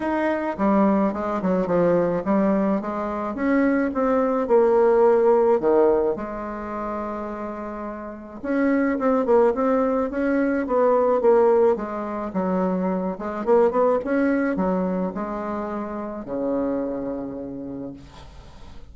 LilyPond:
\new Staff \with { instrumentName = "bassoon" } { \time 4/4 \tempo 4 = 107 dis'4 g4 gis8 fis8 f4 | g4 gis4 cis'4 c'4 | ais2 dis4 gis4~ | gis2. cis'4 |
c'8 ais8 c'4 cis'4 b4 | ais4 gis4 fis4. gis8 | ais8 b8 cis'4 fis4 gis4~ | gis4 cis2. | }